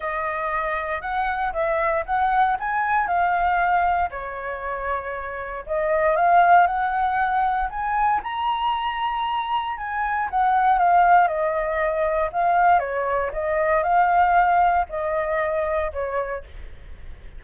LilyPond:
\new Staff \with { instrumentName = "flute" } { \time 4/4 \tempo 4 = 117 dis''2 fis''4 e''4 | fis''4 gis''4 f''2 | cis''2. dis''4 | f''4 fis''2 gis''4 |
ais''2. gis''4 | fis''4 f''4 dis''2 | f''4 cis''4 dis''4 f''4~ | f''4 dis''2 cis''4 | }